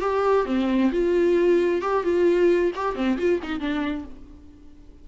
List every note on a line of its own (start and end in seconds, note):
0.00 0.45 G4
0.45 0.90 C4
0.91 1.81 F4
1.81 2.03 G4
2.03 2.71 F4
2.75 2.95 G4
2.95 3.17 C4
3.18 3.40 F4
3.42 3.59 D#4
3.59 4.05 D4